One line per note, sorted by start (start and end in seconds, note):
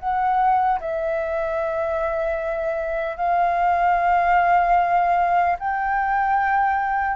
0.00 0.80 F#5
0.81 3.17 E5
3.17 5.57 F5
5.60 7.17 G5